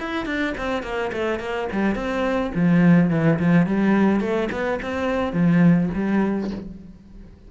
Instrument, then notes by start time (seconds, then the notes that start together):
cello
0.00 E4
0.26 D4
0.58 C4
0.83 A#3
1.13 A3
1.40 A#3
1.72 G3
1.96 C4
2.55 F3
3.11 E3
3.40 F3
3.67 G3
4.21 A3
4.52 B3
4.82 C4
5.33 F3
5.94 G3